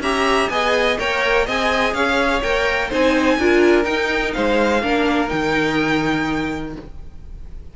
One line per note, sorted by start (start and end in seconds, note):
0.00 0.48 C#4
0.00 0.51 G4
0.00 0.50 E5
0.00 0.49 A#5
0.49 0.97 B3
0.49 0.98 G#4
0.49 0.99 D#5
0.49 0.97 G#5
0.99 1.47 A#3
0.99 1.47 A#4
0.99 1.46 C#5
0.99 1.47 G5
1.46 1.94 C4
1.46 2.43 G#4
1.46 1.94 D#5
1.46 1.94 G#5
1.94 2.42 C#4
1.94 2.89 C#5
1.94 2.42 F5
2.42 2.91 A#3
2.42 2.91 A#4
2.42 2.90 G5
2.89 3.38 C4
2.89 3.39 D#4
2.89 3.37 C5
2.89 3.84 G#5
3.38 3.85 D4
3.38 3.83 F4
3.38 4.34 A#4
3.83 4.79 D#4
3.83 4.33 D#4
3.83 4.32 G5
4.33 4.83 G#3
4.33 4.82 C5
4.33 5.29 F5
4.82 5.30 A#3
4.82 5.28 D4
4.82 6.74 A#4
5.28 6.76 D#3
5.28 6.72 D#4
5.28 6.73 G5